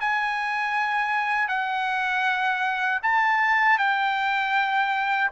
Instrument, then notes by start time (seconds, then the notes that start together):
trumpet
0.00 G#5
1.48 F#5
3.02 A5
3.78 G5